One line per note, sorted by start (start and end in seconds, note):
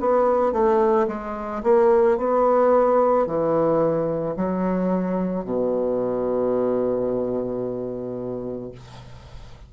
0.00 0.52 B3
0.52 1.07 A3
1.08 1.62 G#3
1.63 2.17 A#3
2.17 3.26 B3
3.26 4.35 E3
4.36 5.44 F#3
5.44 8.72 B2